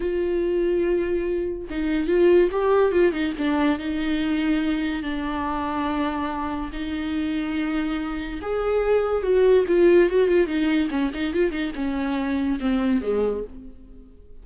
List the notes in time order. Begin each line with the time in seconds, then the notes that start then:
0.00 F4
1.70 D#4
2.07 F4
2.51 G4
2.91 F4
3.12 D#4
3.38 D4
3.78 D#4
5.02 D4
6.72 D#4
8.41 G#4
9.22 F#4
9.67 F4
10.09 F#4
10.27 F4
10.46 D#4
10.90 C#4
11.13 D#4
11.33 F4
11.51 D#4
11.75 C#4
12.60 C4
13.01 G#3